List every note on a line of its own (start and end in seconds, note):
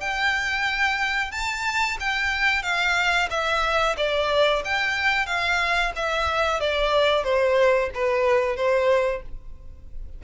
0.00 1.31 G5
1.31 1.97 A5
2.00 2.62 G5
2.62 3.28 F5
3.30 3.96 E5
3.97 4.63 D5
4.65 5.26 G5
5.26 5.92 F5
5.96 6.60 E5
6.60 7.23 D5
7.23 7.89 C5
7.94 8.56 B4
8.56 9.22 C5